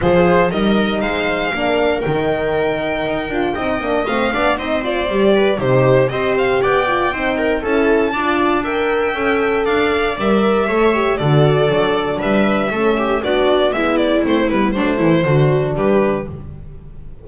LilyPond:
<<
  \new Staff \with { instrumentName = "violin" } { \time 4/4 \tempo 4 = 118 c''4 dis''4 f''2 | g''1 | f''4 dis''8 d''4. c''4 | dis''8 f''8 g''2 a''4~ |
a''4 g''2 f''4 | e''2 d''2 | e''2 d''4 e''8 d''8 | c''8 b'8 c''2 b'4 | }
  \new Staff \with { instrumentName = "viola" } { \time 4/4 gis'4 ais'4 c''4 ais'4~ | ais'2. dis''4~ | dis''8 d''8 c''4. b'8 g'4 | c''4 d''4 c''8 ais'8 a'4 |
d''4 e''2 d''4~ | d''4 cis''4 a'2 | b'4 a'8 g'8 fis'4 e'4~ | e'4 d'8 e'8 fis'4 g'4 | }
  \new Staff \with { instrumentName = "horn" } { \time 4/4 f'4 dis'2 d'4 | dis'2~ dis'8 f'8 dis'8 d'8 | c'8 d'8 dis'8 f'8 g'4 dis'4 | g'4. f'8 dis'4 e'4 |
f'4 ais'4 a'2 | ais'4 a'8 g'8 fis'4 d'4~ | d'4 cis'4 d'4 b4 | c'8 b8 a4 d'2 | }
  \new Staff \with { instrumentName = "double bass" } { \time 4/4 f4 g4 gis4 ais4 | dis2 dis'8 d'8 c'8 ais8 | a8 b8 c'4 g4 c4 | c'4 b4 c'4 cis'4 |
d'2 cis'4 d'4 | g4 a4 d4 fis4 | g4 a4 b4 gis4 | a8 g8 fis8 e8 d4 g4 | }
>>